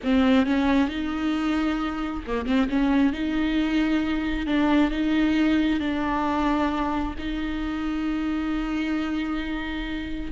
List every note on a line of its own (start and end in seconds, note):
0.03 0.46 C4
0.46 0.88 C#4
0.88 2.23 D#4
2.27 2.46 A#3
2.46 2.68 C4
2.69 3.12 C#4
3.12 4.46 D#4
4.46 4.90 D4
4.90 5.80 D#4
5.80 7.14 D4
7.18 10.31 D#4